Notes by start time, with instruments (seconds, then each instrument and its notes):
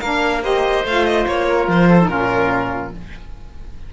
0.00 cello A#3, saxophone D4, oboe A#4, violin F5
0.42 saxophone G4, oboe C5, violin D#5
0.84 cello A3, saxophone F4, violin F5
1.05 violin D#5
1.27 cello A#3, violin C#5
1.48 oboe A#4
1.68 cello F3, violin C5
1.89 oboe A4
2.02 cello A#2, saxophone D#4, violin A#4
2.09 saxophone C#4, oboe F4